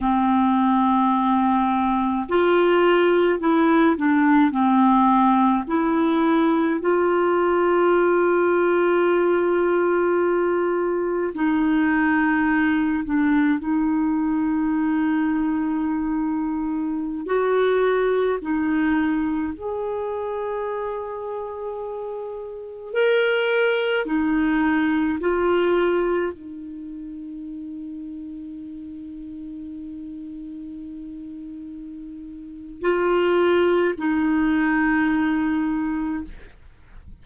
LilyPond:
\new Staff \with { instrumentName = "clarinet" } { \time 4/4 \tempo 4 = 53 c'2 f'4 e'8 d'8 | c'4 e'4 f'2~ | f'2 dis'4. d'8 | dis'2.~ dis'16 fis'8.~ |
fis'16 dis'4 gis'2~ gis'8.~ | gis'16 ais'4 dis'4 f'4 dis'8.~ | dis'1~ | dis'4 f'4 dis'2 | }